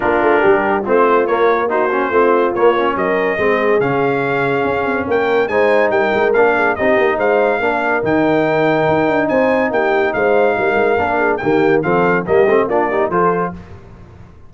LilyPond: <<
  \new Staff \with { instrumentName = "trumpet" } { \time 4/4 \tempo 4 = 142 ais'2 c''4 cis''4 | c''2 cis''4 dis''4~ | dis''4 f''2. | g''4 gis''4 g''4 f''4 |
dis''4 f''2 g''4~ | g''2 gis''4 g''4 | f''2. g''4 | f''4 dis''4 d''4 c''4 | }
  \new Staff \with { instrumentName = "horn" } { \time 4/4 f'4 g'4 f'2 | fis'4 f'2 ais'4 | gis'1 | ais'4 c''4 ais'4. gis'8 |
g'4 c''4 ais'2~ | ais'2 c''4 g'4 | c''4 ais'4. gis'8 g'4 | a'4 g'4 f'8 g'8 a'4 | }
  \new Staff \with { instrumentName = "trombone" } { \time 4/4 d'2 c'4 ais4 | dis'8 cis'8 c'4 ais8 cis'4. | c'4 cis'2.~ | cis'4 dis'2 d'4 |
dis'2 d'4 dis'4~ | dis'1~ | dis'2 d'4 ais4 | c'4 ais8 c'8 d'8 dis'8 f'4 | }
  \new Staff \with { instrumentName = "tuba" } { \time 4/4 ais8 a8 g4 a4 ais4~ | ais4 a4 ais4 fis4 | gis4 cis2 cis'8 c'8 | ais4 gis4 g8 gis8 ais4 |
c'8 ais8 gis4 ais4 dis4~ | dis4 dis'8 d'8 c'4 ais4 | gis4 g8 gis8 ais4 dis4 | f4 g8 a8 ais4 f4 | }
>>